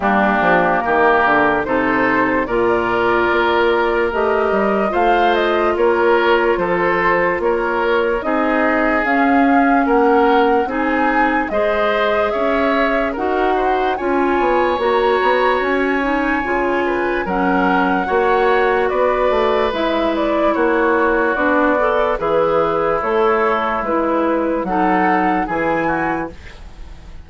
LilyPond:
<<
  \new Staff \with { instrumentName = "flute" } { \time 4/4 \tempo 4 = 73 g'4 ais'4 c''4 d''4~ | d''4 dis''4 f''8 dis''8 cis''4 | c''4 cis''4 dis''4 f''4 | fis''4 gis''4 dis''4 e''4 |
fis''4 gis''4 ais''4 gis''4~ | gis''4 fis''2 d''4 | e''8 d''8 cis''4 d''4 b'4 | cis''4 b'4 fis''4 gis''4 | }
  \new Staff \with { instrumentName = "oboe" } { \time 4/4 d'4 g'4 a'4 ais'4~ | ais'2 c''4 ais'4 | a'4 ais'4 gis'2 | ais'4 gis'4 c''4 cis''4 |
ais'8 c''8 cis''2.~ | cis''8 b'8 ais'4 cis''4 b'4~ | b'4 fis'2 e'4~ | e'2 a'4 gis'8 fis'8 | }
  \new Staff \with { instrumentName = "clarinet" } { \time 4/4 ais2 dis'4 f'4~ | f'4 g'4 f'2~ | f'2 dis'4 cis'4~ | cis'4 dis'4 gis'2 |
fis'4 f'4 fis'4. dis'8 | f'4 cis'4 fis'2 | e'2 d'8 a'8 gis'4 | a'4 e'4 dis'4 e'4 | }
  \new Staff \with { instrumentName = "bassoon" } { \time 4/4 g8 f8 dis8 d8 c4 ais,4 | ais4 a8 g8 a4 ais4 | f4 ais4 c'4 cis'4 | ais4 c'4 gis4 cis'4 |
dis'4 cis'8 b8 ais8 b8 cis'4 | cis4 fis4 ais4 b8 a8 | gis4 ais4 b4 e4 | a4 gis4 fis4 e4 | }
>>